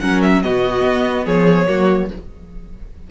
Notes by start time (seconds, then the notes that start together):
0.00 F#3 C#4 A#4 F#5
0.22 E5
0.42 B2 B3 F#4 D#5
0.84 B3
1.25 F3 G#4 C#5
1.67 F#3 A#3 F#4